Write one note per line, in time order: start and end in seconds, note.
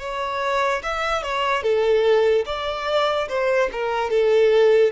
0.00 0.82 C#5
0.83 1.23 E5
1.23 1.63 C#5
1.63 2.45 A4
2.46 3.28 D5
3.29 3.70 C5
3.72 4.10 A#4
4.10 4.92 A4